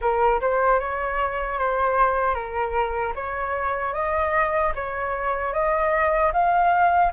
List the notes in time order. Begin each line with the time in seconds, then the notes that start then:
0.01 A#4
0.41 C5
0.79 C#5
1.58 C5
2.34 A#4
3.15 C#5
3.93 D#5
4.75 C#5
5.53 D#5
6.33 F5